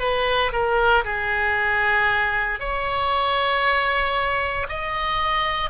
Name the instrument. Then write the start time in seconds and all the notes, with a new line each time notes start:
oboe
0.00 B4
0.53 A#4
1.05 G#4
2.61 C#5
4.69 D#5